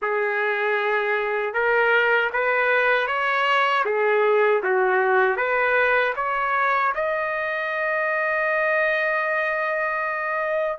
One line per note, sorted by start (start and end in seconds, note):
0.02 1.53 G#4
1.53 2.30 A#4
2.32 3.07 B4
3.07 3.84 C#5
3.85 4.62 G#4
4.63 5.36 F#4
5.36 6.13 B4
6.16 6.93 C#5
6.94 10.78 D#5